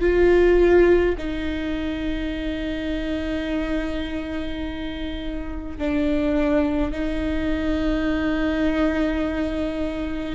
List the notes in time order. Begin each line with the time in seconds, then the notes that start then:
0.00 F4
1.18 D#4
5.78 D4
6.92 D#4